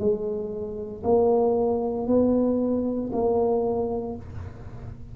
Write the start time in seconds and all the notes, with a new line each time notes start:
0.00 G#3
1.04 A#3
2.07 B3
3.13 A#3